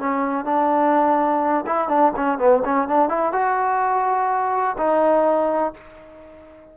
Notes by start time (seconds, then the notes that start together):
0.00 C#4
0.45 D4
1.67 E4
1.89 D4
2.16 C#4
2.39 B3
2.65 C#4
2.88 D4
3.09 E4
3.33 F#4
4.78 D#4